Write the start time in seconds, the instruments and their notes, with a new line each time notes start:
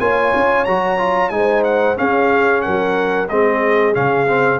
0.00 tuba A#3, trombone F4, horn C#5, trumpet G#5
0.36 tuba C#4
0.65 tuba F#3, trombone F#4, trumpet A#5
0.98 trombone F4
1.30 tuba G#3, trombone D#4, trumpet G#5
1.36 horn C5
1.64 trumpet F#5
1.96 trombone C#4, tuba C#4, horn G#4, trumpet F5
2.62 tuba F#3, horn A#4, trumpet F#5
3.29 tuba G#3, trombone C4, horn G#4, trumpet D#5
3.94 tuba C#3, trombone C#4, trumpet F5
4.28 trombone C4